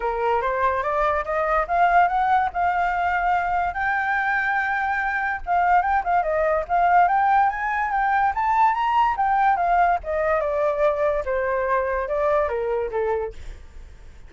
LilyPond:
\new Staff \with { instrumentName = "flute" } { \time 4/4 \tempo 4 = 144 ais'4 c''4 d''4 dis''4 | f''4 fis''4 f''2~ | f''4 g''2.~ | g''4 f''4 g''8 f''8 dis''4 |
f''4 g''4 gis''4 g''4 | a''4 ais''4 g''4 f''4 | dis''4 d''2 c''4~ | c''4 d''4 ais'4 a'4 | }